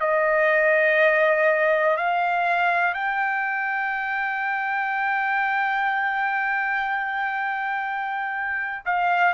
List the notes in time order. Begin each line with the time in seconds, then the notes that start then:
0.00 D#5
1.97 F5
2.94 G5
8.85 F5